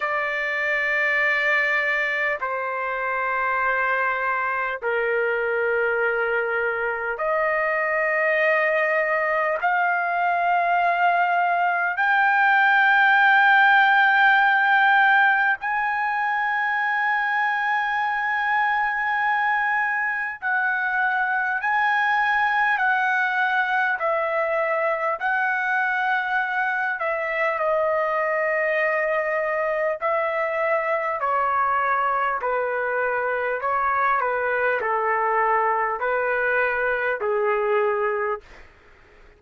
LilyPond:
\new Staff \with { instrumentName = "trumpet" } { \time 4/4 \tempo 4 = 50 d''2 c''2 | ais'2 dis''2 | f''2 g''2~ | g''4 gis''2.~ |
gis''4 fis''4 gis''4 fis''4 | e''4 fis''4. e''8 dis''4~ | dis''4 e''4 cis''4 b'4 | cis''8 b'8 a'4 b'4 gis'4 | }